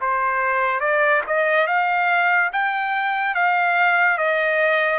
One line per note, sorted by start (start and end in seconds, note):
0.00 0.80 C5
0.80 1.22 D5
1.27 1.67 D#5
1.67 2.50 F5
2.52 3.34 G5
3.34 4.17 F5
4.17 4.99 D#5